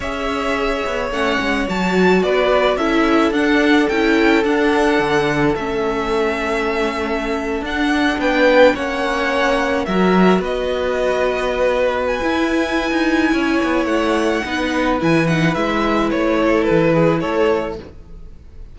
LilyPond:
<<
  \new Staff \with { instrumentName = "violin" } { \time 4/4 \tempo 4 = 108 e''2 fis''4 a''4 | d''4 e''4 fis''4 g''4 | fis''2 e''2~ | e''4.~ e''16 fis''4 g''4 fis''16~ |
fis''4.~ fis''16 e''4 dis''4~ dis''16~ | dis''4.~ dis''16 gis''2~ gis''16~ | gis''4 fis''2 gis''8 fis''8 | e''4 cis''4 b'4 cis''4 | }
  \new Staff \with { instrumentName = "violin" } { \time 4/4 cis''1 | b'4 a'2.~ | a'1~ | a'2~ a'8. b'4 cis''16~ |
cis''4.~ cis''16 ais'4 b'4~ b'16~ | b'1 | cis''2 b'2~ | b'4. a'4 gis'8 a'4 | }
  \new Staff \with { instrumentName = "viola" } { \time 4/4 gis'2 cis'4 fis'4~ | fis'4 e'4 d'4 e'4 | d'2 cis'2~ | cis'4.~ cis'16 d'2 cis'16~ |
cis'4.~ cis'16 fis'2~ fis'16~ | fis'2 e'2~ | e'2 dis'4 e'8 dis'8 | e'1 | }
  \new Staff \with { instrumentName = "cello" } { \time 4/4 cis'4. b8 a8 gis8 fis4 | b4 cis'4 d'4 cis'4 | d'4 d4 a2~ | a4.~ a16 d'4 b4 ais16~ |
ais4.~ ais16 fis4 b4~ b16~ | b2 e'4~ e'16 dis'8. | cis'8 b8 a4 b4 e4 | gis4 a4 e4 a4 | }
>>